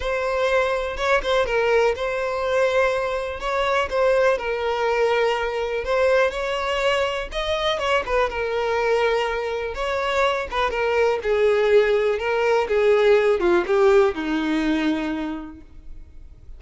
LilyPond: \new Staff \with { instrumentName = "violin" } { \time 4/4 \tempo 4 = 123 c''2 cis''8 c''8 ais'4 | c''2. cis''4 | c''4 ais'2. | c''4 cis''2 dis''4 |
cis''8 b'8 ais'2. | cis''4. b'8 ais'4 gis'4~ | gis'4 ais'4 gis'4. f'8 | g'4 dis'2. | }